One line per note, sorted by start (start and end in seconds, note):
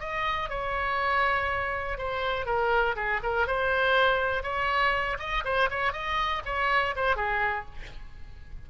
0.00 0.49 D#5
0.49 1.98 C#5
1.98 2.46 C5
2.46 2.95 A#4
2.96 3.21 G#4
3.23 3.47 A#4
3.47 4.43 C5
4.43 5.18 C#5
5.19 5.44 D#5
5.45 5.69 C5
5.70 5.93 C#5
5.93 6.42 D#5
6.45 6.95 C#5
6.96 7.16 C5
7.16 7.66 G#4